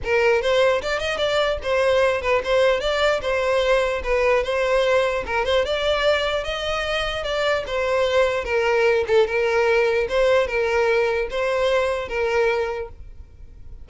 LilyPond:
\new Staff \with { instrumentName = "violin" } { \time 4/4 \tempo 4 = 149 ais'4 c''4 d''8 dis''8 d''4 | c''4. b'8 c''4 d''4 | c''2 b'4 c''4~ | c''4 ais'8 c''8 d''2 |
dis''2 d''4 c''4~ | c''4 ais'4. a'8 ais'4~ | ais'4 c''4 ais'2 | c''2 ais'2 | }